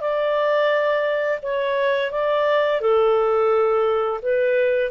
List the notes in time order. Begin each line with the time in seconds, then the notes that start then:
0.00 D5
1.42 C#5
2.11 D5
2.81 A4
4.22 B4